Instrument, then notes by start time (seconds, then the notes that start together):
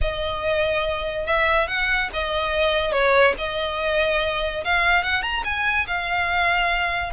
violin
0.01 D#5
1.26 E5
1.67 F#5
2.13 D#5
2.92 C#5
3.38 D#5
4.64 F5
5.03 F#5
5.22 A#5
5.44 G#5
5.87 F5